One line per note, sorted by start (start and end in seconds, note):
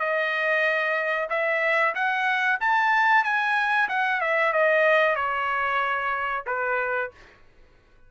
0.00 1.29 D#5
1.30 1.94 E5
1.95 2.60 F#5
2.61 3.24 A5
3.24 3.89 G#5
3.89 4.21 F#5
4.21 4.53 E5
4.53 5.16 D#5
5.16 6.45 C#5
6.47 7.11 B4